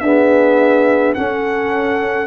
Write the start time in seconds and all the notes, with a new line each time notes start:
0.00 B3 D4 G#4 E5
1.15 C#4 A4 F#5